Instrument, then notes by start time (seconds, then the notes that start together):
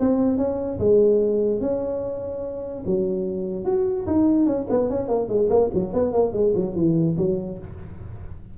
tuba
0.00 C4
0.38 C#4
0.79 G#3
1.61 C#4
2.86 F#3
3.65 F#4
4.07 D#4
4.46 C#4
4.70 B3
4.90 C#4
5.08 A#3
5.29 G#3
5.50 A#3
5.74 F#3
5.94 B3
6.13 A#3
6.33 G#3
6.55 F#3
6.76 E3
7.17 F#3